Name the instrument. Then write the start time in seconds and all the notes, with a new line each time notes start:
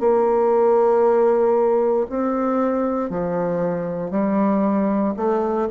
bassoon
0.00 A#3
2.09 C4
3.10 F3
4.11 G3
5.17 A3